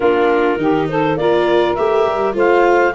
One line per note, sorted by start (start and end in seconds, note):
0.00 0.57 A#3
0.00 0.58 D4
0.00 0.58 F4
0.00 0.87 A#4
0.57 1.15 D#3
0.57 1.17 D#4
0.57 0.89 G4
0.88 1.18 A4
0.88 1.17 C5
1.15 1.74 A#3
1.15 1.77 F4
1.15 2.35 A#4
1.15 1.74 D5
1.74 2.06 A3
1.74 2.32 G4
1.74 2.33 E5
2.06 2.35 G3
2.32 2.93 A3
2.32 2.91 F4
2.32 2.94 C5
2.32 2.94 F5